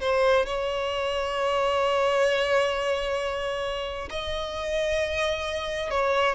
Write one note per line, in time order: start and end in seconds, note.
0.00 0.45 C5
0.45 4.09 C#5
4.10 5.90 D#5
5.90 6.35 C#5